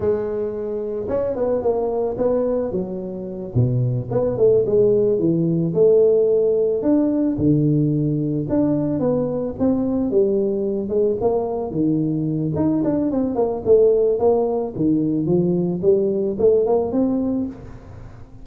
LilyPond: \new Staff \with { instrumentName = "tuba" } { \time 4/4 \tempo 4 = 110 gis2 cis'8 b8 ais4 | b4 fis4. b,4 b8 | a8 gis4 e4 a4.~ | a8 d'4 d2 d'8~ |
d'8 b4 c'4 g4. | gis8 ais4 dis4. dis'8 d'8 | c'8 ais8 a4 ais4 dis4 | f4 g4 a8 ais8 c'4 | }